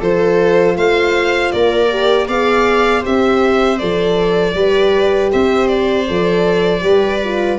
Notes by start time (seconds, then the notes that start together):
0.00 F3 F4 A4 C5
0.76 A3 C5 F5
1.52 A#3 A#4 D5
1.90 G4
2.28 B3 G#4 D5 F5
3.00 C4 G4 C5 E5
3.78 F3 A4 D5
4.55 G3 G4 B4
5.32 C4 C5 E5
5.68 D5
6.08 F3 A4
6.81 G3 G4 B4
7.24 F4